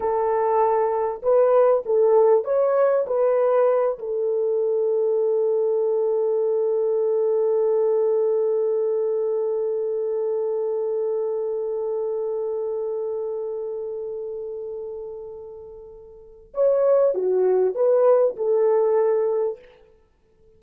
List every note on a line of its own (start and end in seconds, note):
0.00 1.21 A4
1.22 1.83 B4
1.85 2.44 A4
2.44 3.05 C#5
3.06 3.98 B4
3.98 16.53 A4
16.54 17.14 C#5
17.14 17.74 F#4
17.74 18.36 B4
18.36 19.59 A4